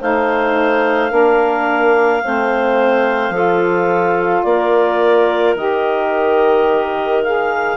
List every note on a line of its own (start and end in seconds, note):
0.00 1.11 A3
0.00 1.09 D#4
0.00 1.11 C5
0.00 4.43 F5
1.09 2.22 A#3
1.09 2.20 D4
1.09 2.22 A#4
2.22 3.30 A3
2.22 3.33 C4
2.22 3.34 C5
3.30 4.41 F3
3.30 5.56 F4
3.30 4.45 A4
4.43 5.55 A#3
4.43 7.76 A#4
4.43 5.54 D5
5.55 7.76 D#3
5.55 7.24 G4
5.55 7.23 D#5
7.23 7.76 G#4
7.23 7.76 F5